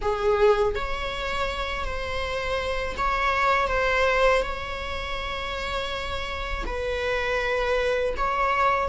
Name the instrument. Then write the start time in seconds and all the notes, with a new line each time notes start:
viola
0.01 G#4
0.75 C#5
1.84 C5
2.97 C#5
3.68 C5
4.42 C#5
6.66 B4
8.16 C#5